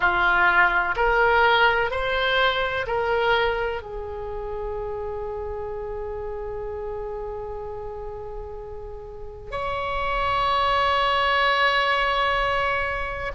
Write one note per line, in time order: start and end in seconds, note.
0.00 0.95 F4
0.96 1.90 A#4
1.90 2.86 C5
2.87 3.81 A#4
3.81 9.51 G#4
9.51 13.32 C#5